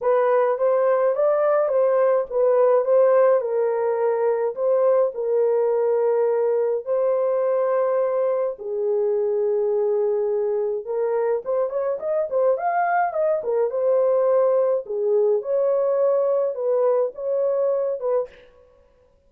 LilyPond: \new Staff \with { instrumentName = "horn" } { \time 4/4 \tempo 4 = 105 b'4 c''4 d''4 c''4 | b'4 c''4 ais'2 | c''4 ais'2. | c''2. gis'4~ |
gis'2. ais'4 | c''8 cis''8 dis''8 c''8 f''4 dis''8 ais'8 | c''2 gis'4 cis''4~ | cis''4 b'4 cis''4. b'8 | }